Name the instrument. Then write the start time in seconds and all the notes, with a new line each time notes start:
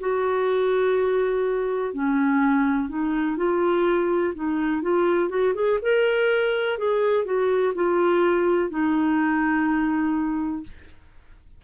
clarinet
0.00 F#4
1.94 C#4
2.89 D#4
3.37 F4
4.35 D#4
4.82 F4
5.29 F#4
5.55 G#4
5.82 A#4
6.78 G#4
7.24 F#4
7.75 F4
8.70 D#4